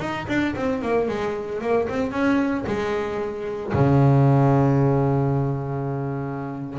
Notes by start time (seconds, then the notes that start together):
0.00 D#4
0.28 D4
0.56 C4
0.82 A#3
1.08 G#3
1.61 A#3
1.88 C4
2.12 C#4
2.66 G#3
3.74 C#3